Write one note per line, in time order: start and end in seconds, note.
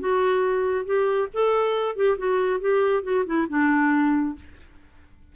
0.00 0.85 F#4
0.85 1.29 G4
1.33 1.96 A4
1.96 2.18 G4
2.18 2.60 F#4
2.60 3.03 G4
3.03 3.25 F#4
3.26 3.48 E4
3.49 4.35 D4